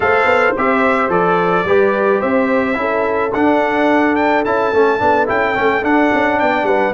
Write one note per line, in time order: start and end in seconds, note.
0.00 0.25 A3
0.00 0.54 A4
0.00 1.66 C5
0.00 0.56 F5
0.25 0.53 B3
0.57 1.08 C4
0.57 1.09 G4
0.57 1.10 E5
1.08 1.64 F3
1.08 1.65 A4
1.08 2.21 D5
1.64 2.20 G3
1.64 2.74 G4
1.64 2.19 B4
2.19 2.77 C4
2.19 2.75 C5
2.19 3.32 E5
2.74 3.32 C#4
2.74 3.30 E4
2.74 6.40 A4
3.33 4.45 D4
3.33 4.15 F#5
4.15 4.43 G5
4.44 4.73 C#4
4.44 4.72 E4
4.44 5.28 A5
4.73 5.00 A3
4.73 4.99 C#4
4.99 5.28 B3
4.99 5.26 D4
5.26 5.56 C#4
5.26 5.54 E4
5.26 5.84 G5
5.54 5.83 A3
5.54 5.82 C#4
5.82 6.93 D4
5.82 6.10 D4
5.82 6.39 F#5
6.13 6.41 C#4
6.39 6.63 B3
6.39 6.67 D5
6.39 6.66 G5
6.63 6.90 G3
6.63 6.93 B4
6.63 6.93 F#5